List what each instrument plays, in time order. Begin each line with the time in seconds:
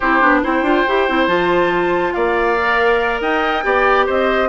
0.00 bassoon C4, clarinet E4, oboe G4, flute C5
0.21 bassoon B3, clarinet D4
0.43 bassoon C4, clarinet E4, oboe C5, flute G5
0.62 bassoon D4, clarinet F4
0.87 bassoon E4, clarinet G4
1.09 bassoon C4, clarinet E4
1.27 bassoon F3, clarinet F4, flute A5
2.12 bassoon A#3, oboe D5, flute F5
2.60 clarinet A#4
3.20 bassoon D#4, oboe D#5, flute G5
3.63 bassoon B3, clarinet G4, oboe D5
4.05 bassoon C4, oboe C5, flute D#5